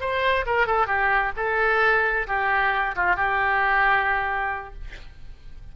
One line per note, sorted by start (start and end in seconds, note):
0.00 0.45 C5
0.46 0.66 A#4
0.66 0.87 A4
0.87 1.32 G4
1.36 2.27 A4
2.27 2.95 G4
2.95 3.16 F4
3.16 4.74 G4